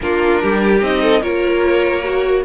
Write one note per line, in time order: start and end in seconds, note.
0.01 0.42 A#3
0.01 0.80 D4
0.01 0.41 F4
0.01 0.82 A#4
0.41 0.81 G3
0.41 1.02 G4
0.80 1.22 C4
0.80 1.20 D#4
0.80 1.22 D#5
1.02 1.20 A4
1.20 2.44 A#3
1.20 2.03 F4
1.20 2.42 A#4
1.20 2.44 C#5
2.03 2.44 F#4